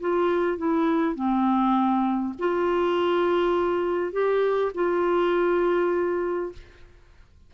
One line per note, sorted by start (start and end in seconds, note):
0.00 0.58 F4
0.58 1.15 E4
1.15 2.34 C4
2.38 4.12 F4
4.12 4.72 G4
4.74 6.52 F4